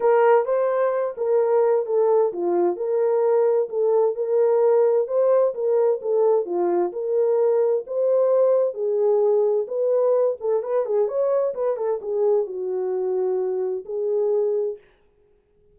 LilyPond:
\new Staff \with { instrumentName = "horn" } { \time 4/4 \tempo 4 = 130 ais'4 c''4. ais'4. | a'4 f'4 ais'2 | a'4 ais'2 c''4 | ais'4 a'4 f'4 ais'4~ |
ais'4 c''2 gis'4~ | gis'4 b'4. a'8 b'8 gis'8 | cis''4 b'8 a'8 gis'4 fis'4~ | fis'2 gis'2 | }